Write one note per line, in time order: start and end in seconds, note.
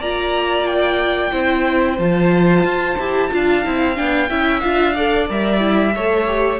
0.00 1.32 A#3
0.00 1.32 F4
0.00 1.32 D5
0.00 0.66 A#5
0.66 1.98 G5
1.32 1.99 C4
1.32 1.98 E4
1.32 3.30 C5
1.99 2.64 F3
1.99 2.98 F4
1.99 3.96 A5
2.64 2.97 F4
2.99 3.32 E4
2.99 3.31 G4
3.31 3.66 D4
3.31 3.64 F4
3.31 4.30 F5
3.64 3.99 C4
3.64 3.96 E4
3.96 4.30 B3
3.96 4.29 D4
3.96 4.60 G5
4.30 4.63 C#4
4.30 4.63 E4
4.30 4.95 E5
4.60 5.30 D4
4.60 4.96 F4
4.60 5.26 F5
4.95 5.29 A4
4.95 5.94 D5
5.29 5.96 G3
5.29 5.59 A#4
5.29 6.60 E5
5.59 5.92 E4
5.95 6.60 A3
5.95 6.27 A4
5.95 6.60 C#5
6.27 6.60 G4